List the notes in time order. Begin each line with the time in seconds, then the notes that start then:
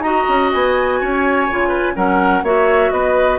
0.00 D#4 F#4 D#5 A#5
0.29 C#4
0.53 B3 G#5
1.01 C#4 C#5
1.50 C#3 F4
1.69 B4
1.95 F#3 C#4 A#4 F#5
2.43 A#3 F#4 C#5 E5
2.92 B3 B4 D#5